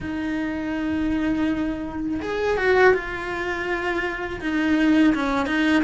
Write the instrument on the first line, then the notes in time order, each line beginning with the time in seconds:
cello
0.00 D#4
2.21 G#4
2.57 F#4
2.94 F4
4.40 D#4
5.14 C#4
5.46 D#4